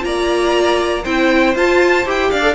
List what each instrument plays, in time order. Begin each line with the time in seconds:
0.00 cello A#3, viola F4, violin D5 A#5
1.03 cello C4, viola E4, violin C5 G5
1.54 cello F4, viola F4, violin A5
2.05 cello E4, viola G4, violin G5
2.30 cello D4, violin D5 F5
2.41 viola A4